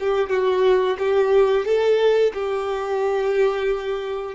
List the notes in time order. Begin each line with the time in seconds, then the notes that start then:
0.00 G4
0.30 F#4
0.99 G4
1.65 A4
2.34 G4